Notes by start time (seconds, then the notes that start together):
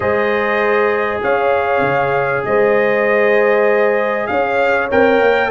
0.00 G#3 G#4 C5 D#5
1.22 C#4 C#5 F5
1.81 C#3
2.44 G#3 C5 D#5
4.26 C#4 C#5 F5
4.90 C4 A#4 G5
5.20 A#3